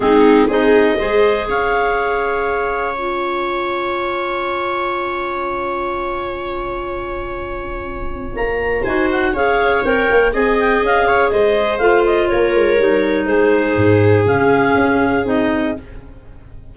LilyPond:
<<
  \new Staff \with { instrumentName = "clarinet" } { \time 4/4 \tempo 4 = 122 gis'4 dis''2 f''4~ | f''2 gis''2~ | gis''1~ | gis''1~ |
gis''4 ais''4 gis''8 fis''8 f''4 | g''4 gis''8 g''8 f''4 dis''4 | f''8 dis''8 cis''2 c''4~ | c''4 f''2 dis''4 | }
  \new Staff \with { instrumentName = "viola" } { \time 4/4 dis'4 gis'4 c''4 cis''4~ | cis''1~ | cis''1~ | cis''1~ |
cis''2 c''4 cis''4~ | cis''4 dis''4. cis''8 c''4~ | c''4 ais'2 gis'4~ | gis'1 | }
  \new Staff \with { instrumentName = "clarinet" } { \time 4/4 c'4 dis'4 gis'2~ | gis'2 f'2~ | f'1~ | f'1~ |
f'2 fis'4 gis'4 | ais'4 gis'2. | f'2 dis'2~ | dis'4 cis'2 dis'4 | }
  \new Staff \with { instrumentName = "tuba" } { \time 4/4 gis4 c'4 gis4 cis'4~ | cis'1~ | cis'1~ | cis'1~ |
cis'4 ais4 dis'4 cis'4 | c'8 ais8 c'4 cis'4 gis4 | a4 ais8 gis8 g4 gis4 | gis,4 cis4 cis'4 c'4 | }
>>